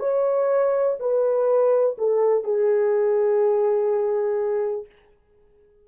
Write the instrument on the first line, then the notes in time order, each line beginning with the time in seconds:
horn
0.00 C#5
1.00 B4
1.98 A4
2.44 G#4